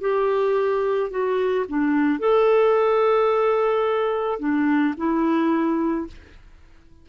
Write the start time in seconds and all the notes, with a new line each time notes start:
0.00 G4
1.10 F#4
1.68 D4
2.19 A4
4.39 D4
4.97 E4